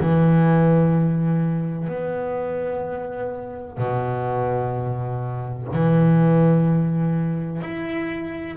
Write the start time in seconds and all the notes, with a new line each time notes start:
0.00 E3
1.89 B3
3.78 B2
5.74 E3
7.62 E4